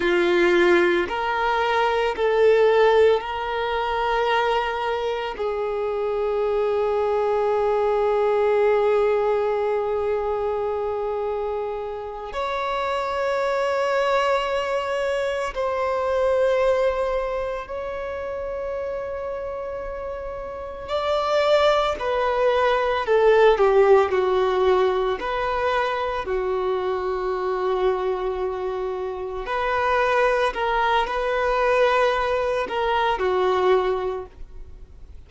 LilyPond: \new Staff \with { instrumentName = "violin" } { \time 4/4 \tempo 4 = 56 f'4 ais'4 a'4 ais'4~ | ais'4 gis'2.~ | gis'2.~ gis'8 cis''8~ | cis''2~ cis''8 c''4.~ |
c''8 cis''2. d''8~ | d''8 b'4 a'8 g'8 fis'4 b'8~ | b'8 fis'2. b'8~ | b'8 ais'8 b'4. ais'8 fis'4 | }